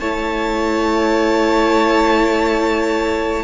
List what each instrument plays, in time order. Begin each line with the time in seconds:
0.00 cello A3, viola E4, violin C#5 A5